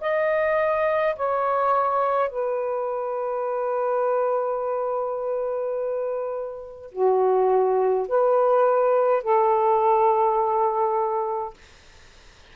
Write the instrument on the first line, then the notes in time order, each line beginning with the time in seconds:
saxophone
0.00 D#5
1.16 C#5
2.29 B4
6.92 F#4
8.08 B4
9.23 A4